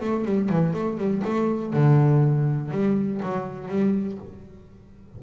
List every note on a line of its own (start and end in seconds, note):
0.00 0.25 A3
0.25 0.49 G3
0.49 0.74 E3
0.74 0.97 A3
0.97 1.22 G3
1.24 1.73 A3
1.73 2.71 D3
2.71 3.21 G3
3.22 3.68 F#3
3.68 4.18 G3